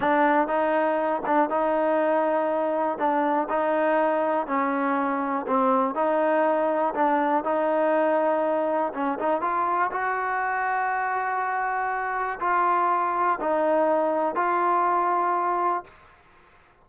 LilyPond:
\new Staff \with { instrumentName = "trombone" } { \time 4/4 \tempo 4 = 121 d'4 dis'4. d'8 dis'4~ | dis'2 d'4 dis'4~ | dis'4 cis'2 c'4 | dis'2 d'4 dis'4~ |
dis'2 cis'8 dis'8 f'4 | fis'1~ | fis'4 f'2 dis'4~ | dis'4 f'2. | }